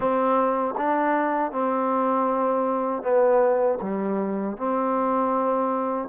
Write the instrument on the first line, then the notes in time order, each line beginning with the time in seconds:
trombone
0.00 C4
0.77 D4
1.51 C4
3.02 B3
3.81 G3
4.57 C4